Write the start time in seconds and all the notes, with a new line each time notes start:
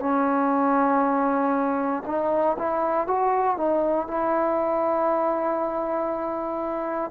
0.00 C#4
2.06 D#4
2.58 E4
3.07 F#4
3.57 D#4
4.08 E4